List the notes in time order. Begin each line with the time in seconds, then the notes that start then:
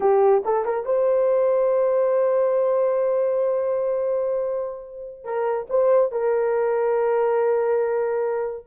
0.00 G4
0.44 A4
0.65 A#4
0.85 C5
5.24 A#4
5.69 C5
6.11 A#4